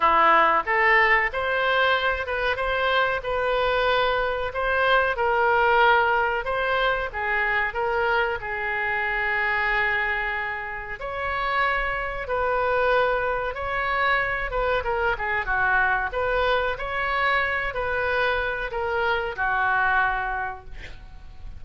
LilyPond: \new Staff \with { instrumentName = "oboe" } { \time 4/4 \tempo 4 = 93 e'4 a'4 c''4. b'8 | c''4 b'2 c''4 | ais'2 c''4 gis'4 | ais'4 gis'2.~ |
gis'4 cis''2 b'4~ | b'4 cis''4. b'8 ais'8 gis'8 | fis'4 b'4 cis''4. b'8~ | b'4 ais'4 fis'2 | }